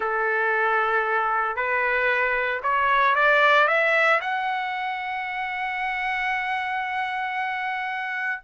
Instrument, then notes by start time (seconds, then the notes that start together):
trumpet
0.00 A4
1.56 B4
2.62 C#5
3.15 D5
3.67 E5
4.20 F#5